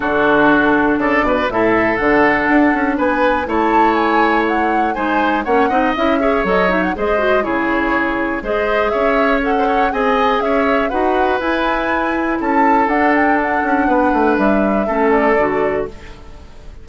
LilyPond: <<
  \new Staff \with { instrumentName = "flute" } { \time 4/4 \tempo 4 = 121 a'2 d''4 e''4 | fis''2 gis''4 a''4 | gis''4 fis''4 gis''4 fis''4 | e''4 dis''8 e''16 fis''16 dis''4 cis''4~ |
cis''4 dis''4 e''4 fis''4 | gis''4 e''4 fis''4 gis''4~ | gis''4 a''4 fis''8 g''8 fis''4~ | fis''4 e''4. d''4. | }
  \new Staff \with { instrumentName = "oboe" } { \time 4/4 fis'2 a'8 b'8 a'4~ | a'2 b'4 cis''4~ | cis''2 c''4 cis''8 dis''8~ | dis''8 cis''4. c''4 gis'4~ |
gis'4 c''4 cis''4~ cis''16 c''16 cis''8 | dis''4 cis''4 b'2~ | b'4 a'2. | b'2 a'2 | }
  \new Staff \with { instrumentName = "clarinet" } { \time 4/4 d'2. e'4 | d'2. e'4~ | e'2 dis'4 cis'8 dis'8 | e'8 gis'8 a'8 dis'8 gis'8 fis'8 e'4~ |
e'4 gis'2 a'4 | gis'2 fis'4 e'4~ | e'2 d'2~ | d'2 cis'4 fis'4 | }
  \new Staff \with { instrumentName = "bassoon" } { \time 4/4 d2 cis8 b,8 a,4 | d4 d'8 cis'8 b4 a4~ | a2 gis4 ais8 c'8 | cis'4 fis4 gis4 cis4~ |
cis4 gis4 cis'2 | c'4 cis'4 dis'4 e'4~ | e'4 cis'4 d'4. cis'8 | b8 a8 g4 a4 d4 | }
>>